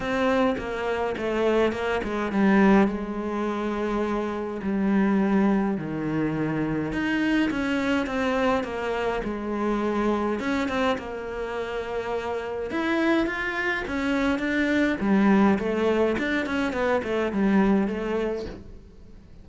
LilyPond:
\new Staff \with { instrumentName = "cello" } { \time 4/4 \tempo 4 = 104 c'4 ais4 a4 ais8 gis8 | g4 gis2. | g2 dis2 | dis'4 cis'4 c'4 ais4 |
gis2 cis'8 c'8 ais4~ | ais2 e'4 f'4 | cis'4 d'4 g4 a4 | d'8 cis'8 b8 a8 g4 a4 | }